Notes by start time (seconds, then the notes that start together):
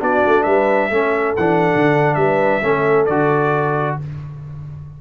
0.00 B3 D4 F#4 D5
0.26 A3
0.43 G3 B4 E5
0.91 A3 C#4 A4
1.36 E3 D4 F#5
1.75 D3
2.14 G3 B4 E5
2.62 A3 C#4 A4
3.06 D3 F#4 D5